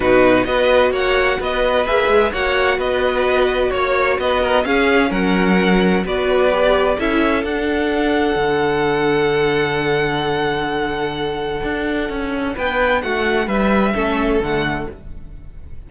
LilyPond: <<
  \new Staff \with { instrumentName = "violin" } { \time 4/4 \tempo 4 = 129 b'4 dis''4 fis''4 dis''4 | e''4 fis''4 dis''2 | cis''4 dis''4 f''4 fis''4~ | fis''4 d''2 e''4 |
fis''1~ | fis''1~ | fis''2. g''4 | fis''4 e''2 fis''4 | }
  \new Staff \with { instrumentName = "violin" } { \time 4/4 fis'4 b'4 cis''4 b'4~ | b'4 cis''4 b'2 | cis''4 b'8 ais'8 gis'4 ais'4~ | ais'4 b'2 a'4~ |
a'1~ | a'1~ | a'2. b'4 | fis'4 b'4 a'2 | }
  \new Staff \with { instrumentName = "viola" } { \time 4/4 dis'4 fis'2. | gis'4 fis'2.~ | fis'2 cis'2~ | cis'4 fis'4 g'4 e'4 |
d'1~ | d'1~ | d'1~ | d'2 cis'4 a4 | }
  \new Staff \with { instrumentName = "cello" } { \time 4/4 b,4 b4 ais4 b4 | ais8 gis8 ais4 b2 | ais4 b4 cis'4 fis4~ | fis4 b2 cis'4 |
d'2 d2~ | d1~ | d4 d'4 cis'4 b4 | a4 g4 a4 d4 | }
>>